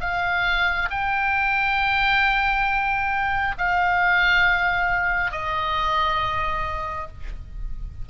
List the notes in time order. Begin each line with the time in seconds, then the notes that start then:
0.00 F5
0.90 G5
3.57 F5
5.31 D#5